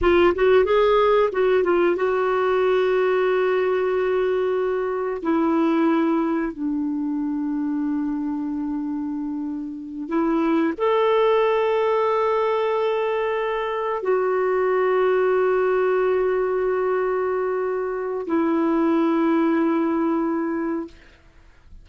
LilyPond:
\new Staff \with { instrumentName = "clarinet" } { \time 4/4 \tempo 4 = 92 f'8 fis'8 gis'4 fis'8 f'8 fis'4~ | fis'1 | e'2 d'2~ | d'2.~ d'8 e'8~ |
e'8 a'2.~ a'8~ | a'4. fis'2~ fis'8~ | fis'1 | e'1 | }